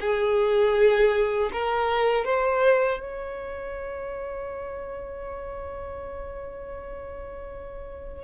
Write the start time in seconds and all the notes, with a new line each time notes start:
0.00 G#4
1.52 A#4
2.24 C5
3.00 C#5